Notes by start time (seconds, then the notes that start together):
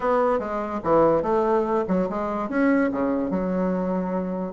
0.00 B3
0.39 G#3
0.83 E3
1.22 A3
1.87 F#3
2.09 G#3
2.49 C#4
2.91 C#3
3.30 F#3